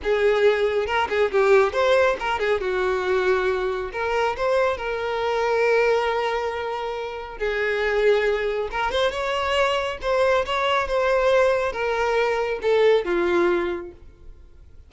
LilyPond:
\new Staff \with { instrumentName = "violin" } { \time 4/4 \tempo 4 = 138 gis'2 ais'8 gis'8 g'4 | c''4 ais'8 gis'8 fis'2~ | fis'4 ais'4 c''4 ais'4~ | ais'1~ |
ais'4 gis'2. | ais'8 c''8 cis''2 c''4 | cis''4 c''2 ais'4~ | ais'4 a'4 f'2 | }